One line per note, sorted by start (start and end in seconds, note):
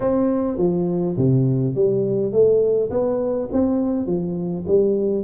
0.00 0.57 C4
0.57 1.15 F3
1.17 1.74 C3
1.74 2.31 G3
2.31 2.90 A3
2.90 3.48 B3
3.52 4.06 C4
4.06 4.64 F3
4.67 5.23 G3